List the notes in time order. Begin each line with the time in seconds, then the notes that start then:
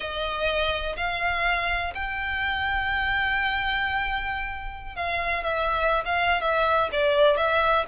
0.00 D#5
0.96 F5
1.94 G5
4.95 F5
5.43 E5
6.05 F5
6.41 E5
6.91 D5
7.37 E5